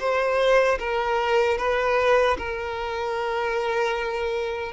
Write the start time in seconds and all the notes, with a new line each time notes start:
0.00 C5
0.80 A#4
1.58 B4
2.38 A#4